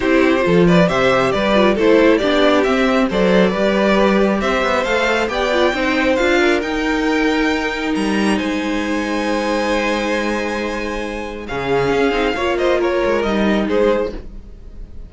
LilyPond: <<
  \new Staff \with { instrumentName = "violin" } { \time 4/4 \tempo 4 = 136 c''4. d''8 e''4 d''4 | c''4 d''4 e''4 d''4~ | d''2 e''4 f''4 | g''2 f''4 g''4~ |
g''2 ais''4 gis''4~ | gis''1~ | gis''2 f''2~ | f''8 dis''8 cis''4 dis''4 c''4 | }
  \new Staff \with { instrumentName = "violin" } { \time 4/4 g'4 a'8 b'8 c''4 b'4 | a'4 g'2 c''4 | b'2 c''2 | d''4 c''4. ais'4.~ |
ais'2. c''4~ | c''1~ | c''2 gis'2 | cis''8 c''8 ais'2 gis'4 | }
  \new Staff \with { instrumentName = "viola" } { \time 4/4 e'4 f'4 g'4. f'8 | e'4 d'4 c'4 a'4 | g'2. a'4 | g'8 f'8 dis'4 f'4 dis'4~ |
dis'1~ | dis'1~ | dis'2 cis'4. dis'8 | f'2 dis'2 | }
  \new Staff \with { instrumentName = "cello" } { \time 4/4 c'4 f4 c4 g4 | a4 b4 c'4 fis4 | g2 c'8 b8 a4 | b4 c'4 d'4 dis'4~ |
dis'2 g4 gis4~ | gis1~ | gis2 cis4 cis'8 c'8 | ais4. gis8 g4 gis4 | }
>>